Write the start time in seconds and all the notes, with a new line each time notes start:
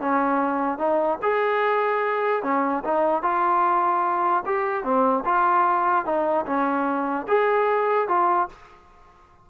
0.00 C#4
0.78 D#4
1.22 G#4
2.43 C#4
2.84 D#4
3.22 F4
4.46 G4
4.83 C4
5.25 F4
6.05 D#4
6.46 C#4
7.27 G#4
8.08 F4